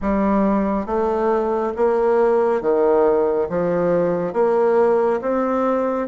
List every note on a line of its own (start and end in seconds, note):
0.01 0.86 G3
0.86 1.73 A3
1.76 2.61 A#3
2.61 3.48 D#3
3.49 4.33 F3
4.33 5.20 A#3
5.21 6.07 C4